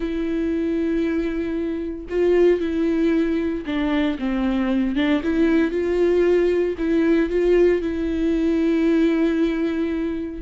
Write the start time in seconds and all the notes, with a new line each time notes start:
0.00 E4
2.09 F4
2.60 E4
3.65 D4
4.18 C4
4.95 D4
5.23 E4
5.71 F4
6.78 E4
7.29 F4
7.81 E4